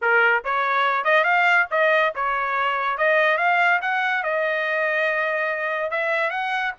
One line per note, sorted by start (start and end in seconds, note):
0.01 0.43 A#4
0.44 1.04 C#5
1.04 1.24 D#5
1.24 1.66 F5
1.70 2.13 D#5
2.15 2.97 C#5
2.97 3.37 D#5
3.37 3.80 F5
3.81 4.23 F#5
4.23 5.90 D#5
5.90 6.30 E5
6.30 6.72 F#5